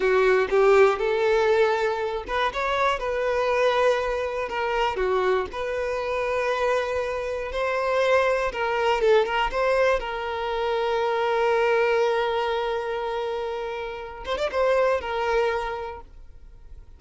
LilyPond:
\new Staff \with { instrumentName = "violin" } { \time 4/4 \tempo 4 = 120 fis'4 g'4 a'2~ | a'8 b'8 cis''4 b'2~ | b'4 ais'4 fis'4 b'4~ | b'2. c''4~ |
c''4 ais'4 a'8 ais'8 c''4 | ais'1~ | ais'1~ | ais'8 c''16 d''16 c''4 ais'2 | }